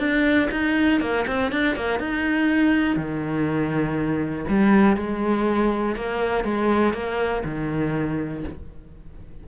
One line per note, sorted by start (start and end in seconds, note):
0.00 0.50 D4
0.51 1.01 D#4
1.01 1.26 A#3
1.28 1.52 C4
1.52 1.76 D4
1.76 2.00 A#3
2.00 2.97 D#4
2.97 4.45 D#3
4.49 4.97 G3
4.97 5.96 G#3
5.96 6.45 A#3
6.45 6.94 G#3
6.94 7.43 A#3
7.45 8.44 D#3